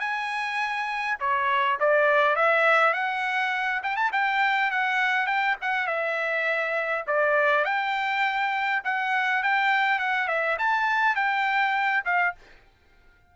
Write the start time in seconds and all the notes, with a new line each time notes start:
0.00 G#5
1.20 C#5
1.80 D5
2.36 E5
2.94 F#5
3.83 G5
3.97 A5
4.13 G5
4.71 F#5
5.27 G5
5.62 F#5
5.87 E5
7.07 D5
7.65 G5
8.84 F#5
9.43 G5
9.99 F#5
10.28 E5
10.59 A5
11.16 G5
12.05 F5